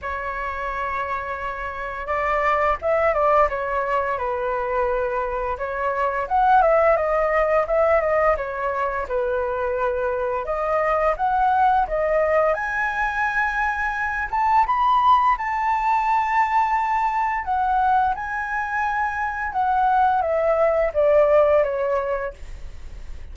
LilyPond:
\new Staff \with { instrumentName = "flute" } { \time 4/4 \tempo 4 = 86 cis''2. d''4 | e''8 d''8 cis''4 b'2 | cis''4 fis''8 e''8 dis''4 e''8 dis''8 | cis''4 b'2 dis''4 |
fis''4 dis''4 gis''2~ | gis''8 a''8 b''4 a''2~ | a''4 fis''4 gis''2 | fis''4 e''4 d''4 cis''4 | }